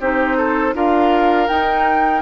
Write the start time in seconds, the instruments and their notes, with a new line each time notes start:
0.00 bassoon C4, clarinet D#4, oboe G4, flute C5
0.37 oboe A4
0.74 bassoon D4, clarinet F4, oboe A#4, flute F5
1.48 clarinet D#4, bassoon D#4, flute G5